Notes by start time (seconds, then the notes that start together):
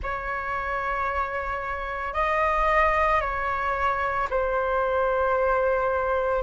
0.02 C#5
2.13 D#5
3.20 C#5
4.30 C5